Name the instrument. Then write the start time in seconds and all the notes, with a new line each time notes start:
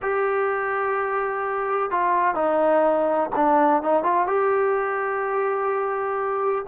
trombone
0.02 G4
1.90 F4
2.35 D#4
3.35 D4
3.82 D#4
4.03 F4
4.26 G4